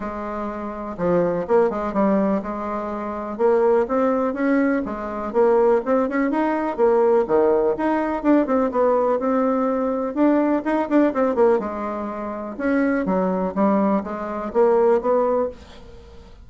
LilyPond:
\new Staff \with { instrumentName = "bassoon" } { \time 4/4 \tempo 4 = 124 gis2 f4 ais8 gis8 | g4 gis2 ais4 | c'4 cis'4 gis4 ais4 | c'8 cis'8 dis'4 ais4 dis4 |
dis'4 d'8 c'8 b4 c'4~ | c'4 d'4 dis'8 d'8 c'8 ais8 | gis2 cis'4 fis4 | g4 gis4 ais4 b4 | }